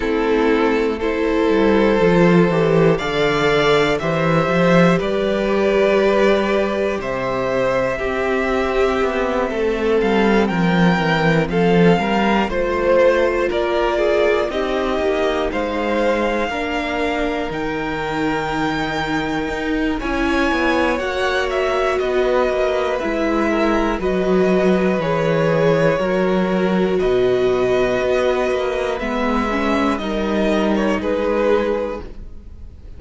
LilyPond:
<<
  \new Staff \with { instrumentName = "violin" } { \time 4/4 \tempo 4 = 60 a'4 c''2 f''4 | e''4 d''2 e''4~ | e''2 f''8 g''4 f''8~ | f''8 c''4 d''4 dis''4 f''8~ |
f''4. g''2~ g''8 | gis''4 fis''8 e''8 dis''4 e''4 | dis''4 cis''2 dis''4~ | dis''4 e''4 dis''8. cis''16 b'4 | }
  \new Staff \with { instrumentName = "violin" } { \time 4/4 e'4 a'2 d''4 | c''4 b'2 c''4 | g'4. a'4 ais'4 a'8 | ais'8 c''4 ais'8 gis'8 g'4 c''8~ |
c''8 ais'2.~ ais'8 | cis''2 b'4. ais'8 | b'2 ais'4 b'4~ | b'2 ais'4 gis'4 | }
  \new Staff \with { instrumentName = "viola" } { \time 4/4 c'4 e'4 f'8 g'8 a'4 | g'1 | c'1~ | c'8 f'2 dis'4.~ |
dis'8 d'4 dis'2~ dis'8 | e'4 fis'2 e'4 | fis'4 gis'4 fis'2~ | fis'4 b8 cis'8 dis'2 | }
  \new Staff \with { instrumentName = "cello" } { \time 4/4 a4. g8 f8 e8 d4 | e8 f8 g2 c4 | c'4 b8 a8 g8 f8 e8 f8 | g8 a4 ais4 c'8 ais8 gis8~ |
gis8 ais4 dis2 dis'8 | cis'8 b8 ais4 b8 ais8 gis4 | fis4 e4 fis4 b,4 | b8 ais8 gis4 g4 gis4 | }
>>